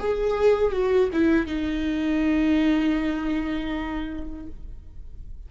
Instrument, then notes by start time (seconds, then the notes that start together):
viola
0.00 G#4
0.72 F#4
1.13 E4
1.47 D#4